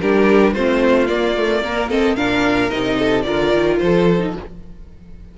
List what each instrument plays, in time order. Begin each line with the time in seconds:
0.00 cello G3, viola D4, violin G4 A#4
0.53 cello A3, viola C4, violin F4 C5
1.07 viola A#3, cello A#3, violin D5
1.37 viola A3
1.64 viola A#3, violin A#4
1.89 viola C4, violin A4 D#5
2.15 cello A#2, viola D4, violin A#4 F5
2.70 cello C3, viola D#4, violin D#5
2.98 violin A4
3.22 cello D3, viola F4, violin A#4 D5
3.54 cello D#3
3.78 cello F3, violin A4 C5
4.19 viola D#4